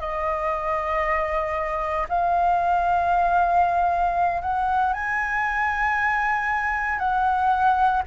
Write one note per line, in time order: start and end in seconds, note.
0.00 2.07 D#5
2.09 4.42 F5
4.42 4.93 F#5
4.93 6.99 G#5
6.99 8.02 F#5